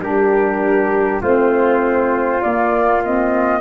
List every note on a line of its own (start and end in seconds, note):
0.00 1.20 G3
0.00 1.22 D4
0.00 1.22 G4
0.00 1.22 A#4
1.22 2.42 A3
1.22 2.42 C4
1.22 3.60 F4
1.22 2.42 C5
2.42 3.02 A#3
2.42 3.60 A#3
2.42 3.02 D5
3.04 3.60 C4
3.04 3.60 D#5